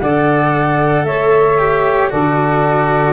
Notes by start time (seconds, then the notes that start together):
0.00 D3 A4 D5 F#5
1.05 A3 C#5 E5
1.58 G4
2.10 D3 F#4 A4 D5